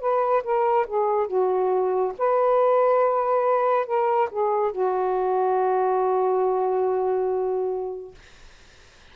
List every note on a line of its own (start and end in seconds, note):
0.00 0.43 B4
0.43 0.86 A#4
0.87 1.27 G#4
1.27 2.13 F#4
2.18 3.86 B4
3.86 4.29 A#4
4.31 4.72 G#4
4.72 8.15 F#4